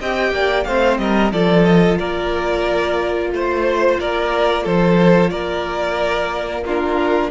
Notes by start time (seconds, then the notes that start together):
0.00 C4 G4 D#5 G5
0.32 A#3 D5
0.64 A3 C4 C5 F5
0.98 G3 A#4 D#5
1.32 F3 F4 A4 D5
1.64 D#5
1.98 A#3 A#4 D5
3.33 A3 C5
4.00 A#3 A#4 D5
4.64 F3 A4 C5
5.30 A#3 A#4 D5
6.65 D4 F4 A#4